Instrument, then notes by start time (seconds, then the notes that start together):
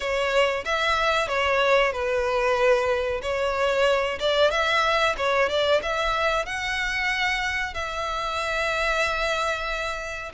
violin
0.00 C#5
0.64 E5
1.28 C#5
1.92 B4
3.21 C#5
4.19 D5
4.50 E5
5.17 C#5
5.49 D5
5.82 E5
6.45 F#5
7.74 E5